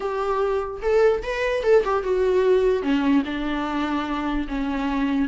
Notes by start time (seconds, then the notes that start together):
0.00 G4
0.81 A4
1.22 B4
1.63 A4
1.84 G4
2.03 F#4
2.82 C#4
3.25 D4
4.48 C#4